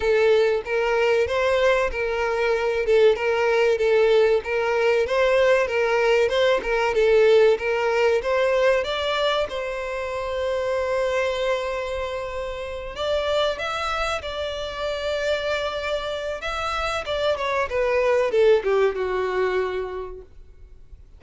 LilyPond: \new Staff \with { instrumentName = "violin" } { \time 4/4 \tempo 4 = 95 a'4 ais'4 c''4 ais'4~ | ais'8 a'8 ais'4 a'4 ais'4 | c''4 ais'4 c''8 ais'8 a'4 | ais'4 c''4 d''4 c''4~ |
c''1~ | c''8 d''4 e''4 d''4.~ | d''2 e''4 d''8 cis''8 | b'4 a'8 g'8 fis'2 | }